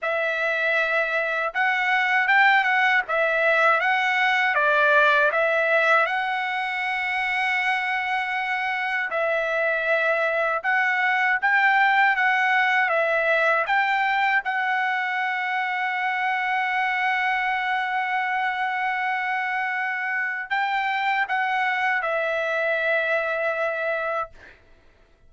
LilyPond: \new Staff \with { instrumentName = "trumpet" } { \time 4/4 \tempo 4 = 79 e''2 fis''4 g''8 fis''8 | e''4 fis''4 d''4 e''4 | fis''1 | e''2 fis''4 g''4 |
fis''4 e''4 g''4 fis''4~ | fis''1~ | fis''2. g''4 | fis''4 e''2. | }